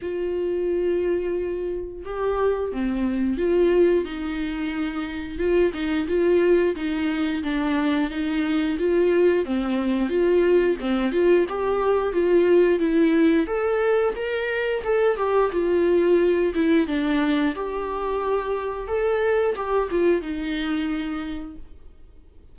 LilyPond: \new Staff \with { instrumentName = "viola" } { \time 4/4 \tempo 4 = 89 f'2. g'4 | c'4 f'4 dis'2 | f'8 dis'8 f'4 dis'4 d'4 | dis'4 f'4 c'4 f'4 |
c'8 f'8 g'4 f'4 e'4 | a'4 ais'4 a'8 g'8 f'4~ | f'8 e'8 d'4 g'2 | a'4 g'8 f'8 dis'2 | }